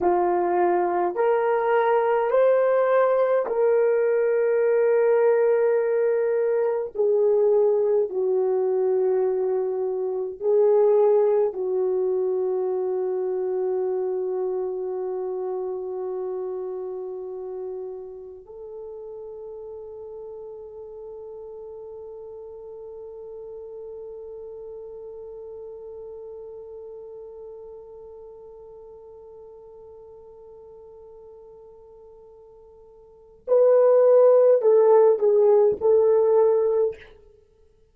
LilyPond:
\new Staff \with { instrumentName = "horn" } { \time 4/4 \tempo 4 = 52 f'4 ais'4 c''4 ais'4~ | ais'2 gis'4 fis'4~ | fis'4 gis'4 fis'2~ | fis'1 |
a'1~ | a'1~ | a'1~ | a'4 b'4 a'8 gis'8 a'4 | }